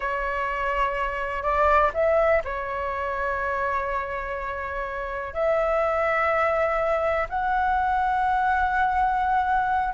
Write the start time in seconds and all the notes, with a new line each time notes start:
0.00 C#5
1.43 D5
1.94 E5
2.44 C#5
5.33 E5
7.29 F#5